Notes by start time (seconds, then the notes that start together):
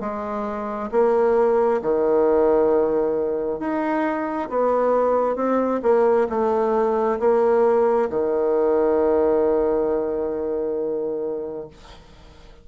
0.00 G#3
0.91 A#3
1.82 D#3
3.59 D#4
4.49 B3
5.36 C4
5.83 A#3
6.29 A3
7.19 A#3
8.10 D#3